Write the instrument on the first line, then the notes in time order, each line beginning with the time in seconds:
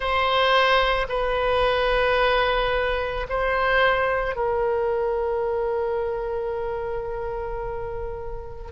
oboe
0.00 C5
1.09 B4
3.29 C5
4.35 A#4